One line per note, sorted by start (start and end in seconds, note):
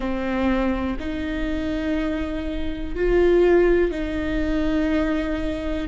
0.00 0.97 C4
0.99 2.95 D#4
2.95 3.91 F4
3.91 5.87 D#4